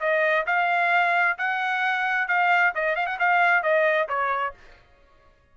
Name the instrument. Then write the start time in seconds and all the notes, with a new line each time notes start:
trumpet
0.00 D#5
0.46 F5
1.38 F#5
2.28 F5
2.75 D#5
2.95 F5
3.06 F#5
3.19 F5
3.62 D#5
4.08 C#5